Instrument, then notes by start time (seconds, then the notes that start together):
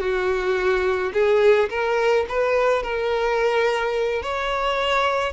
violin
0.00 F#4
1.13 G#4
1.69 A#4
2.29 B4
2.83 A#4
4.22 C#5